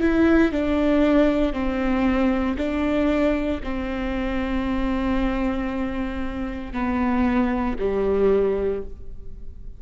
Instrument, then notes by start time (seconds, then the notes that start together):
viola
0.00 E4
0.51 D4
1.52 C4
2.57 D4
3.63 C4
6.72 B3
7.78 G3